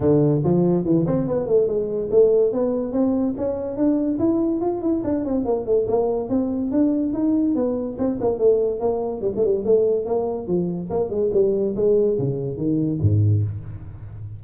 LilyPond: \new Staff \with { instrumentName = "tuba" } { \time 4/4 \tempo 4 = 143 d4 f4 e8 c'8 b8 a8 | gis4 a4 b4 c'4 | cis'4 d'4 e'4 f'8 e'8 | d'8 c'8 ais8 a8 ais4 c'4 |
d'4 dis'4 b4 c'8 ais8 | a4 ais4 g16 a16 g8 a4 | ais4 f4 ais8 gis8 g4 | gis4 cis4 dis4 gis,4 | }